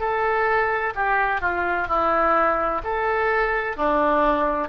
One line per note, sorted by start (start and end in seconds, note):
0.00 0.94 A4
0.95 1.41 G4
1.41 1.88 F4
1.88 2.82 E4
2.84 3.77 A4
3.77 4.69 D4